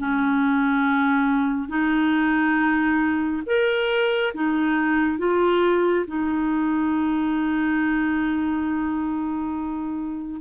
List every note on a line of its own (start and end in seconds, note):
0.00 1.69 C#4
1.69 3.43 D#4
3.46 4.33 A#4
4.35 5.19 D#4
5.19 6.06 F4
6.07 10.42 D#4